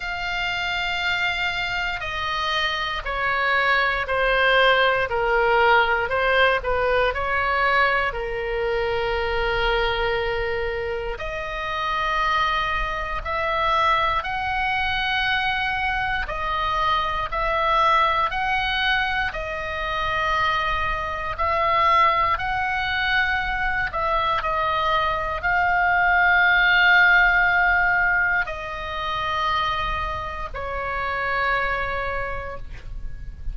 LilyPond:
\new Staff \with { instrumentName = "oboe" } { \time 4/4 \tempo 4 = 59 f''2 dis''4 cis''4 | c''4 ais'4 c''8 b'8 cis''4 | ais'2. dis''4~ | dis''4 e''4 fis''2 |
dis''4 e''4 fis''4 dis''4~ | dis''4 e''4 fis''4. e''8 | dis''4 f''2. | dis''2 cis''2 | }